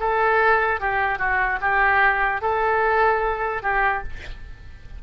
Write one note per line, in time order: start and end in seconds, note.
0.00 0.80 A4
0.80 1.18 G4
1.18 1.59 F#4
1.61 2.41 G4
2.41 3.63 A4
3.63 4.03 G4